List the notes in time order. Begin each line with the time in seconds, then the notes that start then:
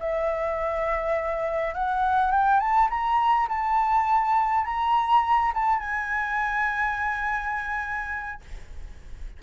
0.00 E5
1.74 F#5
2.31 G5
2.60 A5
2.90 A#5
3.48 A5
4.65 A#5
5.54 A5
5.80 G#5